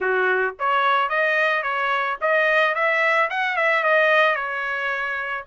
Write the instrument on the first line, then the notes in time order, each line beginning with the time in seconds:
trumpet
0.00 F#4
0.59 C#5
1.09 D#5
1.62 C#5
2.21 D#5
2.74 E5
3.30 F#5
3.56 E5
3.83 D#5
4.35 C#5